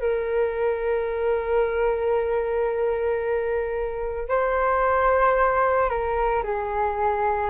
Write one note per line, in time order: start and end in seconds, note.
0.00 4.29 A#4
4.29 5.89 C5
5.89 6.43 A#4
6.43 7.50 G#4